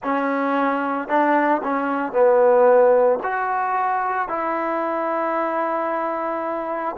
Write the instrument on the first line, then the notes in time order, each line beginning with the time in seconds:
trombone
0.03 C#4
1.08 D4
1.63 C#4
2.12 B3
3.23 F#4
4.28 E4